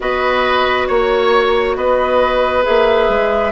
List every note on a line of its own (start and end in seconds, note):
0.00 0.89 B3
0.00 2.63 F#4
0.00 0.88 B4
0.00 0.87 D#5
0.87 1.76 A#3
0.87 1.75 C#5
0.87 1.76 C#5
1.76 2.64 B3
1.76 3.51 B4
1.76 2.64 D#5
2.63 3.08 A#3
2.63 3.51 G#4
2.63 3.51 E5
3.08 3.51 G#3